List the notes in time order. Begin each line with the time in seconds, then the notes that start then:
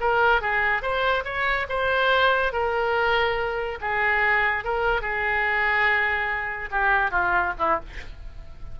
0.00 A#4
0.41 G#4
0.82 C5
1.24 C#5
1.68 C5
2.52 A#4
3.80 G#4
4.64 A#4
5.01 G#4
6.71 G4
7.11 F4
7.58 E4